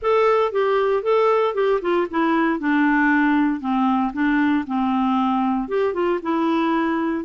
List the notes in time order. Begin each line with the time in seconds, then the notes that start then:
0.02 A4
0.52 G4
1.02 A4
1.54 G4
1.81 F4
2.10 E4
2.59 D4
3.60 C4
4.13 D4
4.67 C4
5.68 G4
5.93 F4
6.22 E4